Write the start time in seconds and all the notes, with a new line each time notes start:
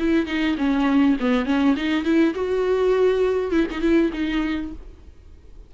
0.00 E4
0.27 D#4
0.58 C#4
1.20 B3
1.46 C#4
1.77 D#4
2.05 E4
2.35 F#4
3.52 E4
3.71 D#4
3.82 E4
4.13 D#4